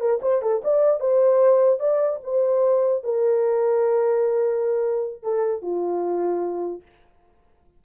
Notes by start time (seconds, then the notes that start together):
0.00 A#4
0.22 C5
0.41 A4
0.64 D5
0.99 C5
1.79 D5
2.23 C5
3.03 A#4
5.22 A4
5.62 F4